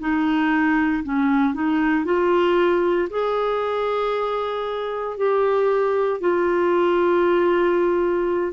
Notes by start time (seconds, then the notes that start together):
0.00 D#4
1.04 C#4
1.54 D#4
2.05 F4
3.10 G#4
5.18 G4
6.21 F4